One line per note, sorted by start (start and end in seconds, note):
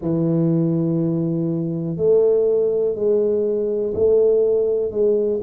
0.01 1.96 E3
1.96 2.95 A3
2.95 3.93 G#3
3.94 4.91 A3
4.91 5.40 G#3